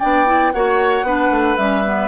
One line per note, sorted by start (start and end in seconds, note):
0.00 0.54 B3
0.00 0.27 D4
0.00 0.53 D5
0.00 0.52 G5
0.27 0.53 E4
0.52 1.03 A#3
0.52 1.06 F#4
0.52 1.07 C#5
0.52 1.57 F#5
1.03 1.29 B3
1.03 1.58 D4
1.03 2.09 B4
1.31 1.57 A3
1.57 2.09 G3
1.57 1.84 C#4
1.57 2.09 E5
1.85 2.09 B3